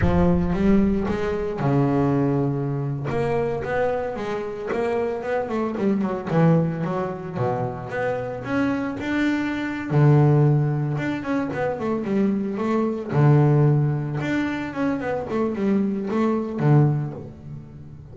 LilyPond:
\new Staff \with { instrumentName = "double bass" } { \time 4/4 \tempo 4 = 112 f4 g4 gis4 cis4~ | cis4.~ cis16 ais4 b4 gis16~ | gis8. ais4 b8 a8 g8 fis8 e16~ | e8. fis4 b,4 b4 cis'16~ |
cis'8. d'4.~ d'16 d4.~ | d8 d'8 cis'8 b8 a8 g4 a8~ | a8 d2 d'4 cis'8 | b8 a8 g4 a4 d4 | }